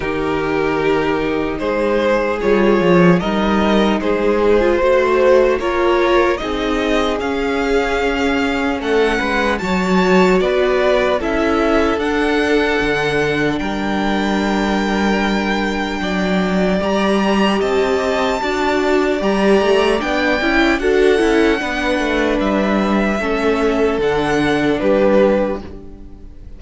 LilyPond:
<<
  \new Staff \with { instrumentName = "violin" } { \time 4/4 \tempo 4 = 75 ais'2 c''4 cis''4 | dis''4 c''2 cis''4 | dis''4 f''2 fis''4 | a''4 d''4 e''4 fis''4~ |
fis''4 g''2.~ | g''4 ais''4 a''2 | ais''4 g''4 fis''2 | e''2 fis''4 b'4 | }
  \new Staff \with { instrumentName = "violin" } { \time 4/4 g'2 gis'2 | ais'4 gis'4 c''4 ais'4 | gis'2. a'8 b'8 | cis''4 b'4 a'2~ |
a'4 ais'2. | d''2 dis''4 d''4~ | d''2 a'4 b'4~ | b'4 a'2 g'4 | }
  \new Staff \with { instrumentName = "viola" } { \time 4/4 dis'2. f'4 | dis'4.~ dis'16 f'16 fis'4 f'4 | dis'4 cis'2. | fis'2 e'4 d'4~ |
d'1~ | d'4 g'2 fis'4 | g'4 d'8 e'8 fis'8 e'8 d'4~ | d'4 cis'4 d'2 | }
  \new Staff \with { instrumentName = "cello" } { \time 4/4 dis2 gis4 g8 f8 | g4 gis4 a4 ais4 | c'4 cis'2 a8 gis8 | fis4 b4 cis'4 d'4 |
d4 g2. | fis4 g4 c'4 d'4 | g8 a8 b8 cis'8 d'8 cis'8 b8 a8 | g4 a4 d4 g4 | }
>>